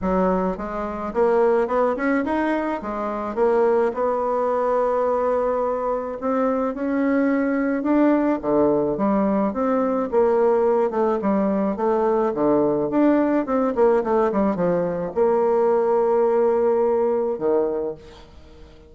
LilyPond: \new Staff \with { instrumentName = "bassoon" } { \time 4/4 \tempo 4 = 107 fis4 gis4 ais4 b8 cis'8 | dis'4 gis4 ais4 b4~ | b2. c'4 | cis'2 d'4 d4 |
g4 c'4 ais4. a8 | g4 a4 d4 d'4 | c'8 ais8 a8 g8 f4 ais4~ | ais2. dis4 | }